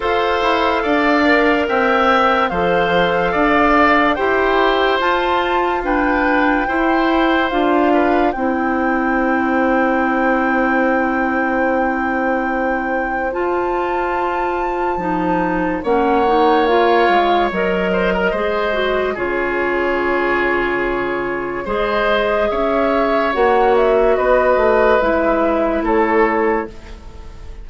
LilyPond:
<<
  \new Staff \with { instrumentName = "flute" } { \time 4/4 \tempo 4 = 72 f''2 g''4 f''4~ | f''4 g''4 a''4 g''4~ | g''4 f''4 g''2~ | g''1 |
a''2. fis''4 | f''4 dis''2 cis''4~ | cis''2 dis''4 e''4 | fis''8 e''8 dis''4 e''4 cis''4 | }
  \new Staff \with { instrumentName = "oboe" } { \time 4/4 c''4 d''4 e''4 c''4 | d''4 c''2 b'4 | c''4. b'8 c''2~ | c''1~ |
c''2. cis''4~ | cis''4. c''16 ais'16 c''4 gis'4~ | gis'2 c''4 cis''4~ | cis''4 b'2 a'4 | }
  \new Staff \with { instrumentName = "clarinet" } { \time 4/4 a'4. ais'4. a'4~ | a'4 g'4 f'4 d'4 | e'4 f'4 e'2~ | e'1 |
f'2 dis'4 cis'8 dis'8 | f'4 ais'4 gis'8 fis'8 f'4~ | f'2 gis'2 | fis'2 e'2 | }
  \new Staff \with { instrumentName = "bassoon" } { \time 4/4 f'8 e'8 d'4 c'4 f4 | d'4 e'4 f'2 | e'4 d'4 c'2~ | c'1 |
f'2 f4 ais4~ | ais8 gis8 fis4 gis4 cis4~ | cis2 gis4 cis'4 | ais4 b8 a8 gis4 a4 | }
>>